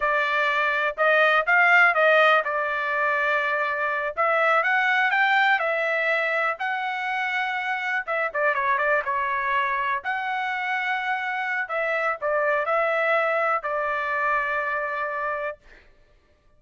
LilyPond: \new Staff \with { instrumentName = "trumpet" } { \time 4/4 \tempo 4 = 123 d''2 dis''4 f''4 | dis''4 d''2.~ | d''8 e''4 fis''4 g''4 e''8~ | e''4. fis''2~ fis''8~ |
fis''8 e''8 d''8 cis''8 d''8 cis''4.~ | cis''8 fis''2.~ fis''8 | e''4 d''4 e''2 | d''1 | }